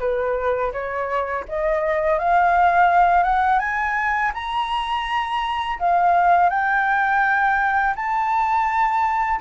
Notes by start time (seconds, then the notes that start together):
0.00 B4
0.73 C#5
1.49 D#5
2.19 F5
3.24 F#5
3.60 G#5
4.35 A#5
5.80 F5
6.50 G5
7.96 A5